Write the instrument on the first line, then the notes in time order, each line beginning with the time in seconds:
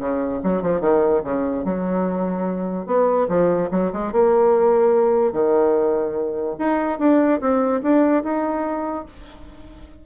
bassoon
0.00 C#3
0.44 F#3
0.62 F3
0.81 D#3
1.24 C#3
1.65 F#3
2.86 B3
3.29 F3
3.71 F#3
3.93 G#3
4.12 A#3
5.33 D#3
6.59 D#4
6.99 D4
7.41 C4
7.83 D4
8.24 D#4